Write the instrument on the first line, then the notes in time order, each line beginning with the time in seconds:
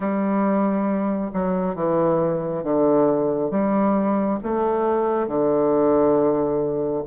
bassoon
0.00 G3
1.33 F#3
1.75 E3
2.63 D3
3.51 G3
4.43 A3
5.27 D3